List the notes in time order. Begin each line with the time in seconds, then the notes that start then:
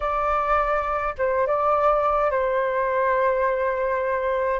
0.00 D5
1.18 C5
1.46 D5
2.30 C5